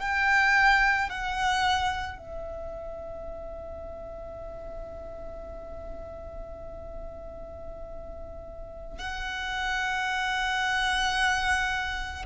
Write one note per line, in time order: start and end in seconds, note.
0.00 1.09 G5
1.09 2.18 F#5
2.18 8.98 E5
8.98 12.25 F#5